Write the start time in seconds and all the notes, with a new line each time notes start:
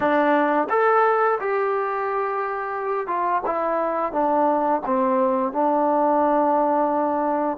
0.00 D4
0.69 A4
1.40 G4
3.07 F4
3.46 E4
4.12 D4
4.86 C4
5.52 D4